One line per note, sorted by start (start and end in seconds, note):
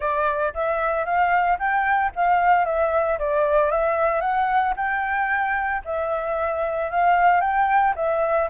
0.00 0.53 D5
0.54 1.05 E5
1.05 1.58 F5
1.58 2.11 G5
2.15 2.65 F5
2.65 3.18 E5
3.19 3.71 D5
3.71 4.20 E5
4.20 4.74 F#5
4.76 5.82 G5
5.85 6.90 E5
6.90 7.40 F5
7.40 7.94 G5
7.95 8.48 E5